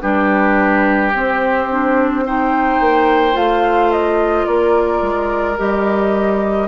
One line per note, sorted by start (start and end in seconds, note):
0.00 1.13 G3
0.00 1.12 D4
0.00 2.24 G4
0.00 1.11 B4
1.13 2.80 C4
1.13 1.69 C4
1.13 2.26 C5
1.70 2.25 D4
2.25 3.32 D#4
2.25 4.47 C5
2.25 3.36 G5
2.80 3.35 A#3
3.32 4.46 A3
3.32 5.54 F4
3.32 3.92 F5
3.92 4.46 D#5
4.46 5.01 A#3
4.46 6.67 A#4
4.46 5.57 D5
5.01 5.57 G#3
5.57 6.67 G3
5.57 6.67 G4
5.57 6.67 D#5